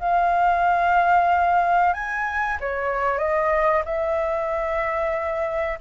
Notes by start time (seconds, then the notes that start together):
0.00 F5
1.94 G#5
2.60 C#5
3.18 D#5
3.85 E5